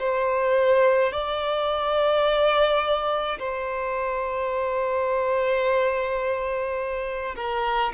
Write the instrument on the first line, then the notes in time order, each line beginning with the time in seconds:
violin
0.00 C5
1.13 D5
3.40 C5
7.36 A#4